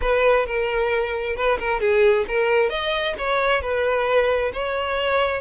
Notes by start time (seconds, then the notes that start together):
0.01 B4
0.46 A#4
1.36 B4
1.59 A#4
1.80 G#4
2.28 A#4
2.69 D#5
3.17 C#5
3.61 B4
4.53 C#5